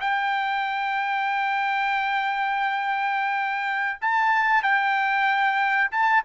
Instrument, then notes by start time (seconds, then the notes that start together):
trumpet
0.00 G5
4.01 A5
4.62 G5
5.91 A5